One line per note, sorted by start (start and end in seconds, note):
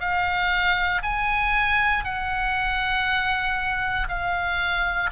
0.00 1.02 F5
1.02 2.04 G#5
2.04 4.07 F#5
4.09 5.10 F5